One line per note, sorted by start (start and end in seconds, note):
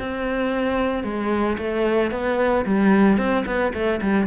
0.00 1.04 C4
1.04 1.58 G#3
1.59 2.12 A3
2.12 2.65 B3
2.66 3.18 G3
3.18 3.45 C4
3.46 3.73 B3
3.74 4.01 A3
4.02 4.27 G3